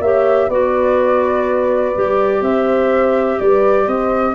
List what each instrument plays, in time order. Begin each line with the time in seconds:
0.00 tuba A#3, clarinet G4, horn C#5, flute E5
0.48 tuba B3, clarinet F#4, horn B4, flute D5
1.94 tuba G3, clarinet G4
2.41 tuba C4, horn C5, flute E5
3.39 tuba G3, horn B4, flute D5
3.85 tuba C4, horn C5, flute D#5